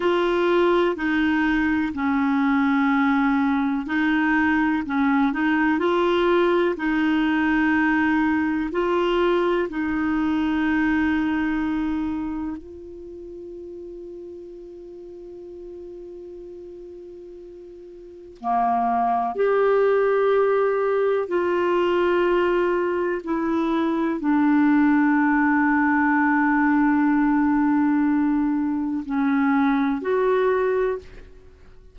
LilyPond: \new Staff \with { instrumentName = "clarinet" } { \time 4/4 \tempo 4 = 62 f'4 dis'4 cis'2 | dis'4 cis'8 dis'8 f'4 dis'4~ | dis'4 f'4 dis'2~ | dis'4 f'2.~ |
f'2. ais4 | g'2 f'2 | e'4 d'2.~ | d'2 cis'4 fis'4 | }